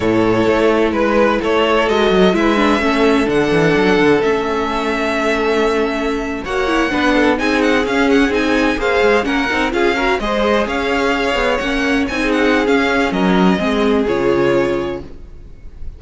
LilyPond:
<<
  \new Staff \with { instrumentName = "violin" } { \time 4/4 \tempo 4 = 128 cis''2 b'4 cis''4 | dis''4 e''2 fis''4~ | fis''4 e''2.~ | e''4.~ e''16 fis''2 gis''16~ |
gis''16 fis''8 f''8 fis''8 gis''4 f''4 fis''16~ | fis''8. f''4 dis''4 f''4~ f''16~ | f''8. fis''4 gis''8 fis''8. f''4 | dis''2 cis''2 | }
  \new Staff \with { instrumentName = "violin" } { \time 4/4 a'2 b'4 a'4~ | a'4 b'4 a'2~ | a'1~ | a'4.~ a'16 cis''4 b'8 a'8 gis'16~ |
gis'2~ gis'8. c''4 ais'16~ | ais'8. gis'8 ais'8 c''4 cis''4~ cis''16~ | cis''2 gis'2 | ais'4 gis'2. | }
  \new Staff \with { instrumentName = "viola" } { \time 4/4 e'1 | fis'4 e'8 d'8 cis'4 d'4~ | d'4 cis'2.~ | cis'4.~ cis'16 fis'8 e'8 d'4 dis'16~ |
dis'8. cis'4 dis'4 gis'4 cis'16~ | cis'16 dis'8 f'8 fis'8 gis'2~ gis'16~ | gis'8. cis'4 dis'4~ dis'16 cis'4~ | cis'4 c'4 f'2 | }
  \new Staff \with { instrumentName = "cello" } { \time 4/4 a,4 a4 gis4 a4 | gis8 fis8 gis4 a4 d8 e8 | fis8 d8 a2.~ | a4.~ a16 ais4 b4 c'16~ |
c'8. cis'4 c'4 ais8 gis8 ais16~ | ais16 c'8 cis'4 gis4 cis'4~ cis'16~ | cis'16 b8 ais4 c'4~ c'16 cis'4 | fis4 gis4 cis2 | }
>>